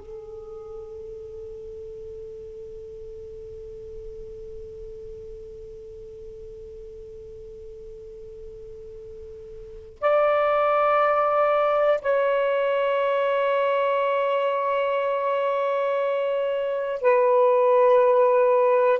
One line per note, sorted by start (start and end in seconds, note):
0.00 10.00 A4
10.01 12.01 D5
12.02 17.02 C#5
17.02 19.00 B4